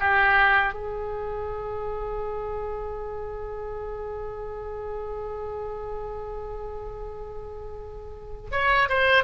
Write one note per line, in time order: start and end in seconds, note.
0.00 0.73 G4
0.73 8.51 G#4
8.52 8.89 C#5
8.89 9.24 C5